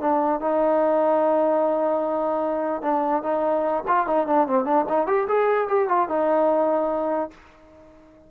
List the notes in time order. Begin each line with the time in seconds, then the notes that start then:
0.00 D4
0.40 D#4
2.82 D4
3.22 D#4
3.87 F4
4.07 D#4
4.27 D4
4.47 C4
4.65 D4
4.89 D#4
5.07 G4
5.28 G#4
5.68 G4
5.88 F4
6.09 D#4